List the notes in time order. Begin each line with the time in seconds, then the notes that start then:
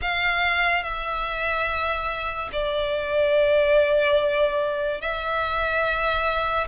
0.01 F5
0.83 E5
2.52 D5
5.01 E5